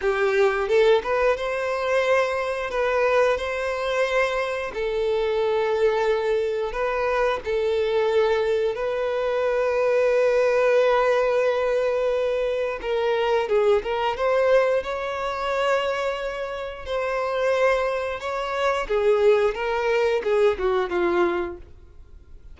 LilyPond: \new Staff \with { instrumentName = "violin" } { \time 4/4 \tempo 4 = 89 g'4 a'8 b'8 c''2 | b'4 c''2 a'4~ | a'2 b'4 a'4~ | a'4 b'2.~ |
b'2. ais'4 | gis'8 ais'8 c''4 cis''2~ | cis''4 c''2 cis''4 | gis'4 ais'4 gis'8 fis'8 f'4 | }